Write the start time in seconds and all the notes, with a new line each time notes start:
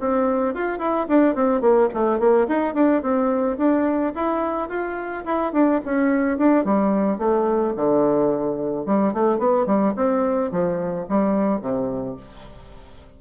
0.00 C4
0.54 F4
0.79 E4
1.08 D4
1.35 C4
1.61 A#3
1.94 A3
2.19 A#3
2.48 D#4
2.74 D4
3.02 C4
3.58 D4
4.15 E4
4.69 F4
5.25 E4
5.53 D4
5.85 C#4
6.38 D4
6.64 G3
7.18 A3
7.76 D3
8.86 G3
9.13 A3
9.39 B3
9.66 G3
9.96 C4
10.51 F3
11.09 G3
11.61 C3